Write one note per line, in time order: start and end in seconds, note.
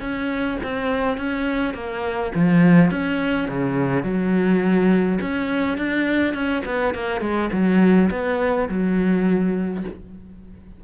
0.00 0.58 C#4
0.63 1.17 C4
1.17 1.74 C#4
1.74 2.32 A#3
2.35 2.91 F3
2.91 3.48 C#4
3.48 4.03 C#3
4.03 5.19 F#3
5.21 5.77 C#4
5.77 6.34 D4
6.34 6.63 C#4
6.65 6.94 B3
6.94 7.21 A#3
7.21 7.50 G#3
7.52 8.10 F#3
8.11 8.69 B3
8.69 9.84 F#3